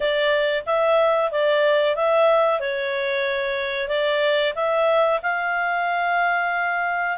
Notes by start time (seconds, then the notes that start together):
0.00 D5
0.66 E5
1.31 D5
1.95 E5
2.60 C#5
3.88 D5
4.55 E5
5.22 F5